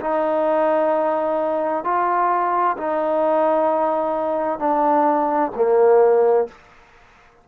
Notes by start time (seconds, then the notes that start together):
0.00 D#4
1.84 F4
2.78 D#4
4.59 D4
5.56 A#3